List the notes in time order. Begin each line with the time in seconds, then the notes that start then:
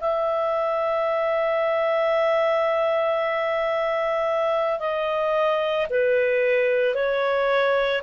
0.00 E5
4.79 D#5
5.90 B4
6.94 C#5